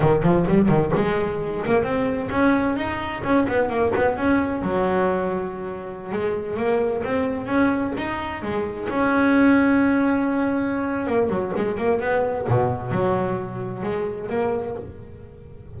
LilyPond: \new Staff \with { instrumentName = "double bass" } { \time 4/4 \tempo 4 = 130 dis8 f8 g8 dis8 gis4. ais8 | c'4 cis'4 dis'4 cis'8 b8 | ais8 b8 cis'4 fis2~ | fis4~ fis16 gis4 ais4 c'8.~ |
c'16 cis'4 dis'4 gis4 cis'8.~ | cis'1 | ais8 fis8 gis8 ais8 b4 b,4 | fis2 gis4 ais4 | }